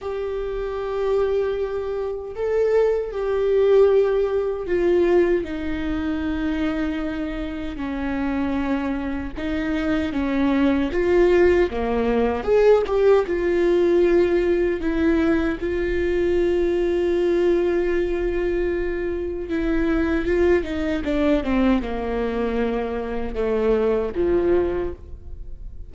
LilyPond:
\new Staff \with { instrumentName = "viola" } { \time 4/4 \tempo 4 = 77 g'2. a'4 | g'2 f'4 dis'4~ | dis'2 cis'2 | dis'4 cis'4 f'4 ais4 |
gis'8 g'8 f'2 e'4 | f'1~ | f'4 e'4 f'8 dis'8 d'8 c'8 | ais2 a4 f4 | }